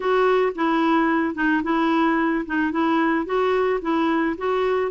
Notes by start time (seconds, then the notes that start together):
0.00 F#4
0.55 E4
1.34 D#4
1.63 E4
2.45 D#4
2.71 E4
3.25 F#4
3.81 E4
4.37 F#4